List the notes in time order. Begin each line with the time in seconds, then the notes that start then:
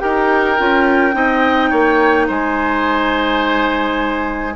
0.00 D#4 G4 A#4 G5
0.59 C#4 F4
1.12 C4 D#4 D#5
1.70 A#3 C#5
2.28 G#3 C5 G#5